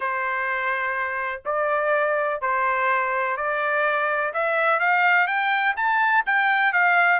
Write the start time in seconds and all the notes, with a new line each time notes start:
0.00 C5
1.45 D5
2.41 C5
3.36 D5
4.33 E5
4.79 F5
5.27 G5
5.76 A5
6.26 G5
6.72 F5